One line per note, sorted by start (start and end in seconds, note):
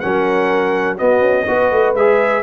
0.00 1.00 F#3
0.00 0.98 C#4
0.00 0.96 A#4
0.00 0.97 F#5
0.96 1.46 B3
0.96 1.21 B3
0.96 1.45 F#4
0.96 1.95 D#5
1.21 1.45 C#4
1.46 1.71 B3
1.46 1.95 F#4
1.46 2.43 B4
1.71 1.95 A3
1.95 2.43 G#3
1.95 2.43 G#4
1.95 2.43 E5